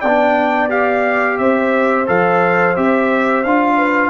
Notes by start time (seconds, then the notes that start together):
0.00 B3 D5 G5
0.07 D4
0.69 G4 F5
1.38 C4 C5 E5
2.07 F3 A4 F5
2.77 C4 G4 E5
3.44 D4 F4 F5
3.77 B4